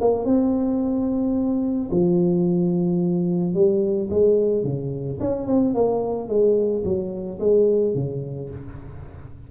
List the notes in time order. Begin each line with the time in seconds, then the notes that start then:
0.00 A#3
0.25 C4
1.90 F3
3.54 G3
4.09 G#3
4.63 C#3
5.19 C#4
5.47 C4
5.74 A#3
6.28 G#3
6.84 F#3
7.39 G#3
7.94 C#3